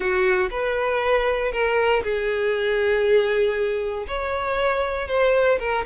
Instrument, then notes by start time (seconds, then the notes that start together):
violin
0.00 F#4
0.50 B4
1.52 A#4
2.03 G#4
4.07 C#5
5.08 C5
5.59 A#4